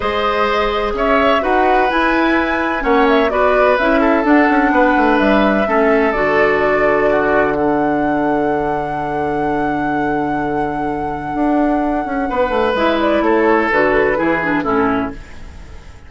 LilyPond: <<
  \new Staff \with { instrumentName = "flute" } { \time 4/4 \tempo 4 = 127 dis''2 e''4 fis''4 | gis''2 fis''8 e''8 d''4 | e''4 fis''2 e''4~ | e''4 d''2. |
fis''1~ | fis''1~ | fis''2. e''8 d''8 | cis''4 b'2 a'4 | }
  \new Staff \with { instrumentName = "oboe" } { \time 4/4 c''2 cis''4 b'4~ | b'2 cis''4 b'4~ | b'8 a'4. b'2 | a'2. fis'4 |
a'1~ | a'1~ | a'2 b'2 | a'2 gis'4 e'4 | }
  \new Staff \with { instrumentName = "clarinet" } { \time 4/4 gis'2. fis'4 | e'2 cis'4 fis'4 | e'4 d'2. | cis'4 fis'2. |
d'1~ | d'1~ | d'2. e'4~ | e'4 fis'4 e'8 d'8 cis'4 | }
  \new Staff \with { instrumentName = "bassoon" } { \time 4/4 gis2 cis'4 dis'4 | e'2 ais4 b4 | cis'4 d'8 cis'8 b8 a8 g4 | a4 d2.~ |
d1~ | d1 | d'4. cis'8 b8 a8 gis4 | a4 d4 e4 a,4 | }
>>